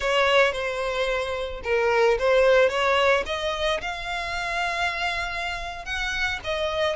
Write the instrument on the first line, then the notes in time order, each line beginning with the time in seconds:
violin
0.00 C#5
0.52 C5
1.63 A#4
2.18 C5
2.69 C#5
3.26 D#5
3.81 F5
5.85 F#5
6.44 D#5